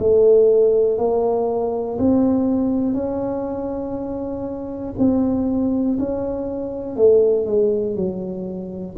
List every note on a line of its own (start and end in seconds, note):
0.00 0.98 A3
0.98 1.98 A#3
1.99 2.94 C4
2.94 4.94 C#4
4.99 5.99 C4
6.00 6.96 C#4
6.96 7.46 A3
7.46 7.96 G#3
7.96 8.96 F#3